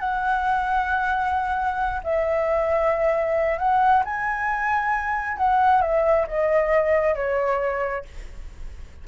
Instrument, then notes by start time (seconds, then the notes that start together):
flute
0.00 F#5
2.04 E5
3.59 F#5
4.05 G#5
5.38 F#5
5.82 E5
6.27 D#5
7.15 C#5